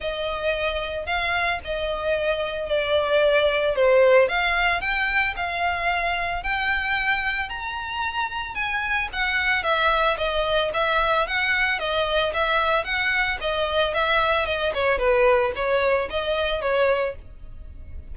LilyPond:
\new Staff \with { instrumentName = "violin" } { \time 4/4 \tempo 4 = 112 dis''2 f''4 dis''4~ | dis''4 d''2 c''4 | f''4 g''4 f''2 | g''2 ais''2 |
gis''4 fis''4 e''4 dis''4 | e''4 fis''4 dis''4 e''4 | fis''4 dis''4 e''4 dis''8 cis''8 | b'4 cis''4 dis''4 cis''4 | }